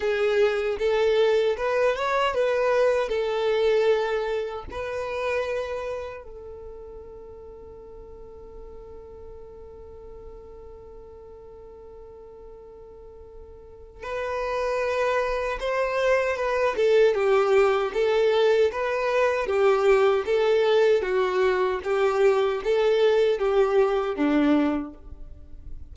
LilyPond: \new Staff \with { instrumentName = "violin" } { \time 4/4 \tempo 4 = 77 gis'4 a'4 b'8 cis''8 b'4 | a'2 b'2 | a'1~ | a'1~ |
a'2 b'2 | c''4 b'8 a'8 g'4 a'4 | b'4 g'4 a'4 fis'4 | g'4 a'4 g'4 d'4 | }